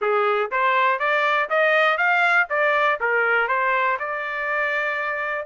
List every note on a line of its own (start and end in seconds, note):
0.01 0.50 G#4
0.51 0.99 C5
0.99 1.49 D5
1.49 1.97 D#5
1.97 2.47 F5
2.49 2.99 D5
3.00 3.48 A#4
3.48 3.97 C5
3.99 5.45 D5